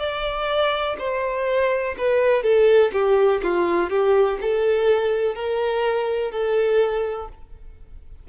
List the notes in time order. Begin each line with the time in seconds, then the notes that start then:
0.00 D5
0.99 C5
1.98 B4
2.43 A4
2.93 G4
3.43 F4
3.90 G4
4.41 A4
5.35 A#4
6.32 A4